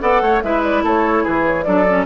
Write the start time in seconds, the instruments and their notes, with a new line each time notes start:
0.00 bassoon B3, clarinet A4, oboe D5, flute F#5
0.21 bassoon A3, oboe C#5
0.42 bassoon G#3, clarinet E4, oboe B4, flute E5
0.63 flute D5
0.82 bassoon A3, oboe A4, flute C#5
1.23 bassoon E3, oboe G#4, flute B4
1.45 flute C#5
1.63 bassoon F#3, clarinet D4, oboe A4, flute D5
1.88 clarinet C#4